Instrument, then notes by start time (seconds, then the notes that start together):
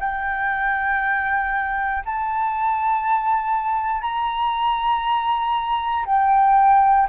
flute
0.00 G5
2.05 A5
4.02 A#5
6.06 G5